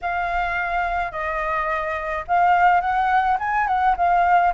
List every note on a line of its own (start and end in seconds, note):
0.01 1.11 F5
1.11 2.24 D#5
2.27 2.80 F5
2.80 3.37 F#5
3.39 3.67 G#5
3.67 3.95 F#5
3.96 4.53 F5